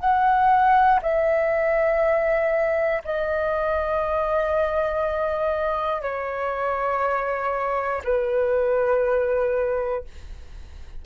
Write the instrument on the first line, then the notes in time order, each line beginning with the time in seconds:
flute
0.00 F#5
1.03 E5
3.05 D#5
6.02 C#5
8.05 B4